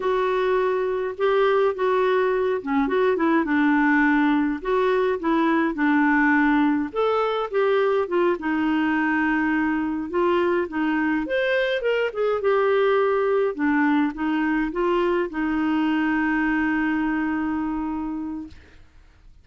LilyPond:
\new Staff \with { instrumentName = "clarinet" } { \time 4/4 \tempo 4 = 104 fis'2 g'4 fis'4~ | fis'8 cis'8 fis'8 e'8 d'2 | fis'4 e'4 d'2 | a'4 g'4 f'8 dis'4.~ |
dis'4. f'4 dis'4 c''8~ | c''8 ais'8 gis'8 g'2 d'8~ | d'8 dis'4 f'4 dis'4.~ | dis'1 | }